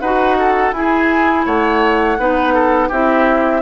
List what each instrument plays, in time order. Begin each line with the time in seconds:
0.00 bassoon D#4, clarinet F#4, oboe B4, flute F#5
0.38 oboe A4
0.72 bassoon E4, clarinet E4, oboe G#4, flute G#5
1.46 bassoon A3, oboe C#5, flute F#5
2.18 bassoon B3, clarinet D#4, oboe B4
2.54 oboe A4
2.89 bassoon C4, clarinet E4, oboe G4, flute E5